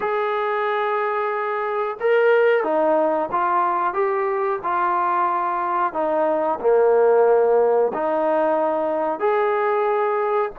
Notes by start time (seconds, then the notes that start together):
0.00 G#4
1.99 A#4
2.63 D#4
3.31 F4
3.93 G4
4.63 F4
5.93 D#4
6.60 A#3
7.93 D#4
9.19 G#4